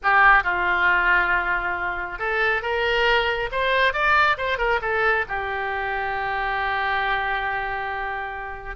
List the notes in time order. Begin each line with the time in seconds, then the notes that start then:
0.02 G4
0.43 F4
2.18 A4
2.62 A#4
3.51 C5
3.93 D5
4.37 C5
4.58 A#4
4.81 A4
5.28 G4